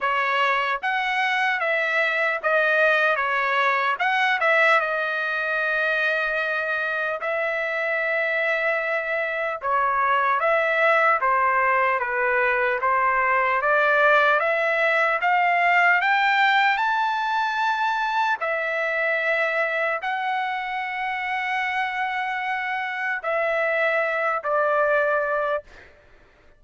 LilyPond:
\new Staff \with { instrumentName = "trumpet" } { \time 4/4 \tempo 4 = 75 cis''4 fis''4 e''4 dis''4 | cis''4 fis''8 e''8 dis''2~ | dis''4 e''2. | cis''4 e''4 c''4 b'4 |
c''4 d''4 e''4 f''4 | g''4 a''2 e''4~ | e''4 fis''2.~ | fis''4 e''4. d''4. | }